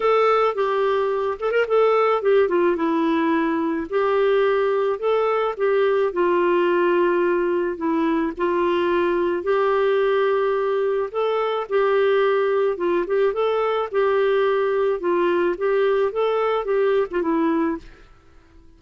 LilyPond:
\new Staff \with { instrumentName = "clarinet" } { \time 4/4 \tempo 4 = 108 a'4 g'4. a'16 ais'16 a'4 | g'8 f'8 e'2 g'4~ | g'4 a'4 g'4 f'4~ | f'2 e'4 f'4~ |
f'4 g'2. | a'4 g'2 f'8 g'8 | a'4 g'2 f'4 | g'4 a'4 g'8. f'16 e'4 | }